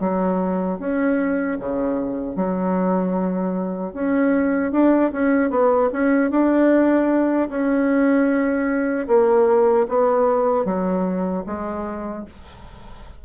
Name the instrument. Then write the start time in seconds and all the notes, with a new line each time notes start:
bassoon
0.00 F#3
0.79 C#4
1.59 C#3
2.36 F#3
3.93 C#4
4.72 D4
5.12 C#4
5.50 B3
5.93 C#4
6.31 D4
7.49 C#4
9.08 A#3
9.89 B3
10.65 F#3
11.46 G#3